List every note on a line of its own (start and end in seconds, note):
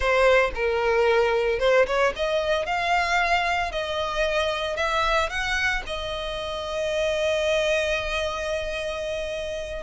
0.00 0.51 C5
0.54 1.59 A#4
1.59 1.86 C5
1.86 2.13 C#5
2.16 2.65 D#5
2.65 3.71 F5
3.71 4.76 D#5
4.76 5.29 E5
5.29 5.82 F#5
5.86 9.83 D#5